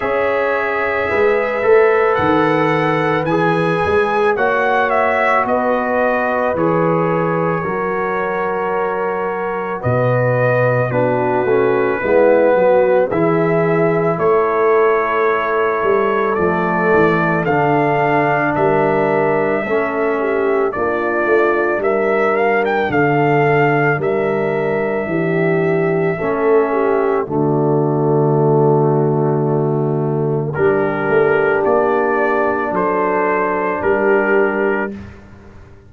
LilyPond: <<
  \new Staff \with { instrumentName = "trumpet" } { \time 4/4 \tempo 4 = 55 e''2 fis''4 gis''4 | fis''8 e''8 dis''4 cis''2~ | cis''4 dis''4 b'2 | e''4 cis''2 d''4 |
f''4 e''2 d''4 | e''8 f''16 g''16 f''4 e''2~ | e''4 d''2. | ais'4 d''4 c''4 ais'4 | }
  \new Staff \with { instrumentName = "horn" } { \time 4/4 cis''4 b'2. | cis''4 b'2 ais'4~ | ais'4 b'4 fis'4 e'8 fis'8 | gis'4 a'2.~ |
a'4 ais'4 a'8 g'8 f'4 | ais'4 a'4 ais'4 g'4 | a'8 g'8 fis'2. | g'2 a'4 g'4 | }
  \new Staff \with { instrumentName = "trombone" } { \time 4/4 gis'4. a'4. gis'4 | fis'2 gis'4 fis'4~ | fis'2 d'8 cis'8 b4 | e'2. a4 |
d'2 cis'4 d'4~ | d'1 | cis'4 a2. | d'1 | }
  \new Staff \with { instrumentName = "tuba" } { \time 4/4 cis'4 gis8 a8 dis4 e8 gis8 | ais4 b4 e4 fis4~ | fis4 b,4 b8 a8 gis8 fis8 | e4 a4. g8 f8 e8 |
d4 g4 a4 ais8 a8 | g4 d4 g4 e4 | a4 d2. | g8 a8 ais4 fis4 g4 | }
>>